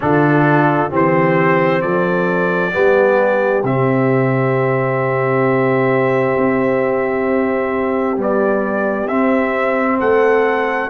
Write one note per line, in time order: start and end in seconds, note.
0.00 0.91 D3
0.00 0.89 D4
0.00 0.90 F4
0.00 0.92 A4
0.89 1.82 E3
0.89 2.71 C4
0.89 1.81 G4
0.95 1.81 C5
1.81 2.73 F3
1.81 2.73 A4
1.81 3.63 D5
2.72 3.63 G3
2.72 3.62 B3
2.72 9.99 G4
3.63 6.35 C3
3.63 8.16 C4
3.63 8.19 E5
6.37 8.18 C4
8.16 9.07 G3
8.16 9.09 B3
8.16 9.07 D5
9.07 10.90 C4
9.07 10.00 C4
9.07 9.98 E5
9.99 10.90 A3
9.99 10.90 A4
9.99 10.90 F#5